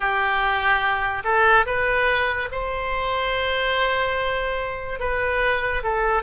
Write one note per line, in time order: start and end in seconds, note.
0.00 1.23 G4
1.23 1.65 A4
1.66 2.49 B4
2.52 4.99 C5
4.99 5.83 B4
5.83 6.22 A4